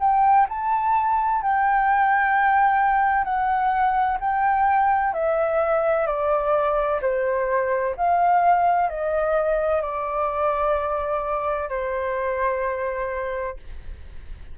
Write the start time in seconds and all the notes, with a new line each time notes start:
0.00 G5
0.49 A5
1.42 G5
3.24 F#5
4.20 G5
5.13 E5
6.06 D5
7.01 C5
7.96 F5
8.89 D#5
9.82 D5
11.69 C5